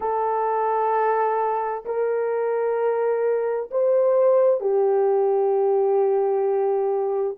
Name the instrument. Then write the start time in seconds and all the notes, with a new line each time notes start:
horn
0.00 A4
1.85 A#4
3.70 C5
4.60 G4